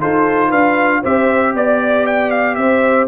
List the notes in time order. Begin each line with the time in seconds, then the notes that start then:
0.00 D#4 F4 A4 C5
0.49 D4 B4 F5
1.01 C4 G4 C5 E5
1.54 B3 D5
2.06 G5
2.30 F5
2.55 C4 C5 E5